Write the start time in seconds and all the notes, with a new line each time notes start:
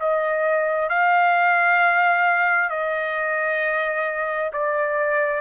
0.00 D#5
0.90 F5
2.70 D#5
4.53 D5